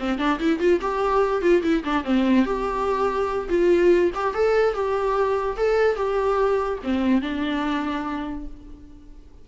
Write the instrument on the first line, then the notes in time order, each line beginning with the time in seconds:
viola
0.00 C4
0.19 D4
0.40 E4
0.60 F4
0.82 G4
1.42 F4
1.63 E4
1.85 D4
2.05 C4
2.46 G4
3.49 F4
4.15 G4
4.35 A4
4.74 G4
5.57 A4
5.96 G4
6.84 C4
7.22 D4